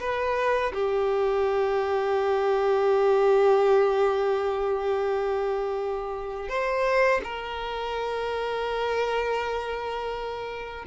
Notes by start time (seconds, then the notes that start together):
0.00 B4
0.74 G4
6.49 C5
7.24 A#4